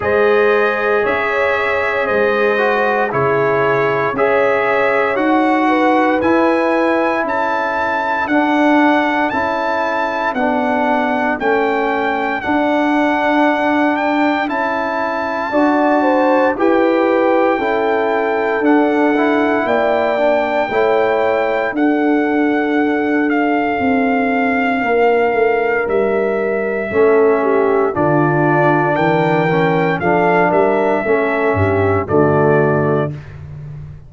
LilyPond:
<<
  \new Staff \with { instrumentName = "trumpet" } { \time 4/4 \tempo 4 = 58 dis''4 e''4 dis''4 cis''4 | e''4 fis''4 gis''4 a''4 | fis''4 a''4 fis''4 g''4 | fis''4. g''8 a''2 |
g''2 fis''4 g''4~ | g''4 fis''4. f''4.~ | f''4 e''2 d''4 | g''4 f''8 e''4. d''4 | }
  \new Staff \with { instrumentName = "horn" } { \time 4/4 c''4 cis''4 c''4 gis'4 | cis''4. b'4. a'4~ | a'1~ | a'2. d''8 c''8 |
b'4 a'2 d''4 | cis''4 a'2. | ais'2 a'8 g'8 f'4 | ais'4 a'8 ais'8 a'8 g'8 fis'4 | }
  \new Staff \with { instrumentName = "trombone" } { \time 4/4 gis'2~ gis'8 fis'8 e'4 | gis'4 fis'4 e'2 | d'4 e'4 d'4 cis'4 | d'2 e'4 fis'4 |
g'4 e'4 d'8 e'4 d'8 | e'4 d'2.~ | d'2 cis'4 d'4~ | d'8 cis'8 d'4 cis'4 a4 | }
  \new Staff \with { instrumentName = "tuba" } { \time 4/4 gis4 cis'4 gis4 cis4 | cis'4 dis'4 e'4 cis'4 | d'4 cis'4 b4 a4 | d'2 cis'4 d'4 |
e'4 cis'4 d'4 ais4 | a4 d'2 c'4 | ais8 a8 g4 a4 d4 | e4 f8 g8 a8 g,8 d4 | }
>>